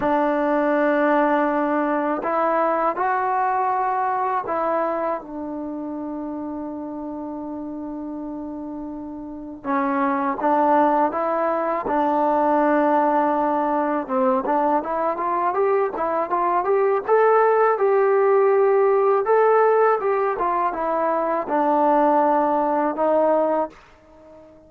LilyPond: \new Staff \with { instrumentName = "trombone" } { \time 4/4 \tempo 4 = 81 d'2. e'4 | fis'2 e'4 d'4~ | d'1~ | d'4 cis'4 d'4 e'4 |
d'2. c'8 d'8 | e'8 f'8 g'8 e'8 f'8 g'8 a'4 | g'2 a'4 g'8 f'8 | e'4 d'2 dis'4 | }